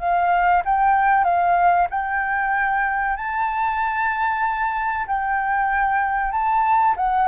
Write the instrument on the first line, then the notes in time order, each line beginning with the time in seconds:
flute
0.00 F5
0.65 G5
1.25 F5
1.91 G5
3.17 A5
5.07 G5
6.32 A5
6.97 F#5